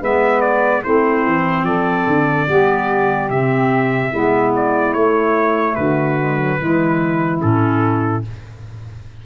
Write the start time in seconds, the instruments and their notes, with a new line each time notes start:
0.00 tuba G#3, clarinet B3, saxophone B4, trumpet E5
0.41 trumpet D5
0.81 tuba A3, clarinet C4, saxophone E4, trumpet C5
1.26 tuba E3
1.63 tuba F3, saxophone A4, trumpet D5
2.06 tuba D3
2.47 tuba G3, clarinet B3, saxophone G4
3.29 tuba C3, clarinet C4, trumpet E5
4.09 tuba G#3, clarinet B3, saxophone E4
4.56 trumpet D5
4.93 tuba A3, clarinet A3, trumpet C#5
5.75 tuba D3, saxophone F#4, trumpet B4
6.18 clarinet G#3
6.37 clarinet F#3
6.58 tuba E3, clarinet G#3, saxophone E4
7.40 tuba A2, clarinet C#4, trumpet A4